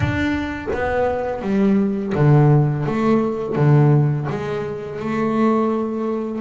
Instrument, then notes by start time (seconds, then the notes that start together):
double bass
0.00 D4
0.73 B3
1.41 G3
2.15 D3
2.86 A3
3.55 D3
4.29 G#3
4.99 A3